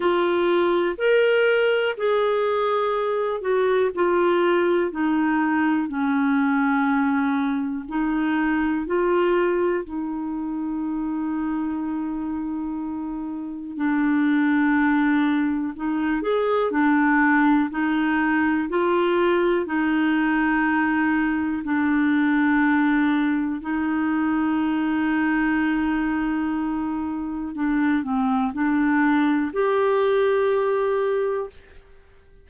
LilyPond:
\new Staff \with { instrumentName = "clarinet" } { \time 4/4 \tempo 4 = 61 f'4 ais'4 gis'4. fis'8 | f'4 dis'4 cis'2 | dis'4 f'4 dis'2~ | dis'2 d'2 |
dis'8 gis'8 d'4 dis'4 f'4 | dis'2 d'2 | dis'1 | d'8 c'8 d'4 g'2 | }